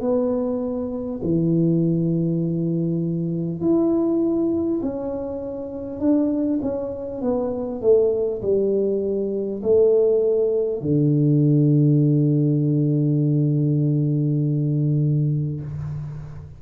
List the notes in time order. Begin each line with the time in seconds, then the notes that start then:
0.00 B3
1.23 E3
3.61 E4
4.82 C#4
5.99 D4
6.62 C#4
7.21 B3
7.81 A3
8.42 G3
9.62 A3
10.81 D3